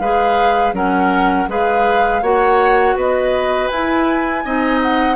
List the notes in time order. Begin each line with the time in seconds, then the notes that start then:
0.00 G#3 G#4 B4 F5
0.73 F#3 C#4 A#4 F#5
1.48 G#3 G#4 B4 F5
2.22 A#3 F#4 C#5 F#5
2.96 B3 B4 D#5
3.68 E4 G#5
4.45 C4 D#4 D#5
4.82 F#5